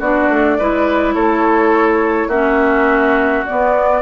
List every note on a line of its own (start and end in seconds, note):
0.00 0.29 B3
0.00 0.60 D4
0.00 0.58 F#4
0.00 1.14 D5
0.29 0.58 A3
0.59 1.16 G#3
0.59 2.32 E4
0.59 1.16 B4
1.14 2.28 A3
1.14 2.29 A4
1.14 2.30 C#5
2.28 3.43 A#3
2.28 3.47 C#4
2.28 4.02 F#4
2.28 3.45 E5
3.47 4.03 B3
3.47 4.03 D5